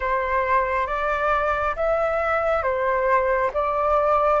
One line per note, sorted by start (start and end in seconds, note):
0.00 0.87 C5
0.87 1.75 D5
1.76 2.62 E5
2.62 3.51 C5
3.53 4.40 D5